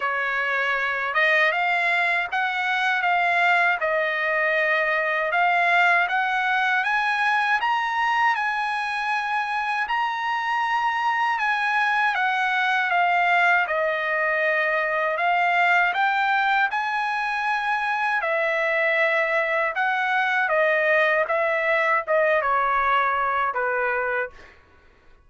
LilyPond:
\new Staff \with { instrumentName = "trumpet" } { \time 4/4 \tempo 4 = 79 cis''4. dis''8 f''4 fis''4 | f''4 dis''2 f''4 | fis''4 gis''4 ais''4 gis''4~ | gis''4 ais''2 gis''4 |
fis''4 f''4 dis''2 | f''4 g''4 gis''2 | e''2 fis''4 dis''4 | e''4 dis''8 cis''4. b'4 | }